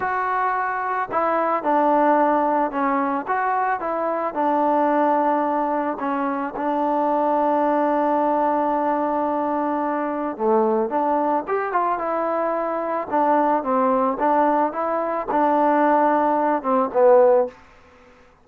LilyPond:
\new Staff \with { instrumentName = "trombone" } { \time 4/4 \tempo 4 = 110 fis'2 e'4 d'4~ | d'4 cis'4 fis'4 e'4 | d'2. cis'4 | d'1~ |
d'2. a4 | d'4 g'8 f'8 e'2 | d'4 c'4 d'4 e'4 | d'2~ d'8 c'8 b4 | }